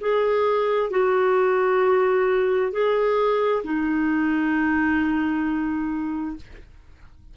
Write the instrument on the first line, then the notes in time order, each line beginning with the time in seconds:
clarinet
0.00 G#4
0.90 F#4
2.71 G#4
3.63 D#4